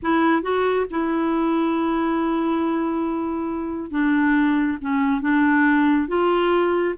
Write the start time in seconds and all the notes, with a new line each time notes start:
0.02 E4
0.42 F#4
0.90 E4
3.91 D4
4.81 C#4
5.21 D4
6.08 F4